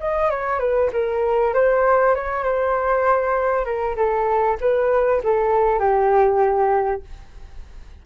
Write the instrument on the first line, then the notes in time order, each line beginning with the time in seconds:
flute
0.00 D#5
0.30 C#5
0.60 B4
0.92 A#4
1.54 C5
2.15 C#5
2.44 C5
3.65 A#4
3.96 A4
4.61 B4
5.23 A4
5.80 G4